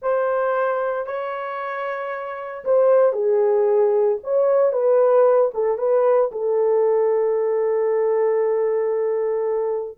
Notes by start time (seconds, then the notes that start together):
0.02 C5
1.06 C#5
2.64 C5
3.12 G#4
4.23 C#5
4.72 B4
5.54 A4
5.78 B4
6.31 A4